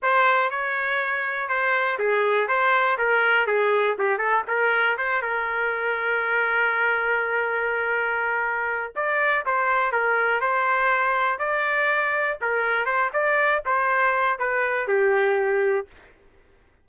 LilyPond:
\new Staff \with { instrumentName = "trumpet" } { \time 4/4 \tempo 4 = 121 c''4 cis''2 c''4 | gis'4 c''4 ais'4 gis'4 | g'8 a'8 ais'4 c''8 ais'4.~ | ais'1~ |
ais'2 d''4 c''4 | ais'4 c''2 d''4~ | d''4 ais'4 c''8 d''4 c''8~ | c''4 b'4 g'2 | }